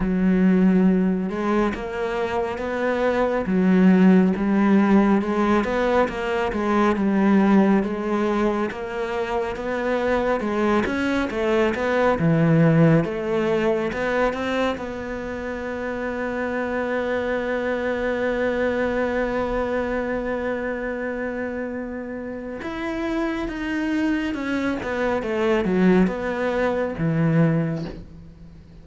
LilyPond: \new Staff \with { instrumentName = "cello" } { \time 4/4 \tempo 4 = 69 fis4. gis8 ais4 b4 | fis4 g4 gis8 b8 ais8 gis8 | g4 gis4 ais4 b4 | gis8 cis'8 a8 b8 e4 a4 |
b8 c'8 b2.~ | b1~ | b2 e'4 dis'4 | cis'8 b8 a8 fis8 b4 e4 | }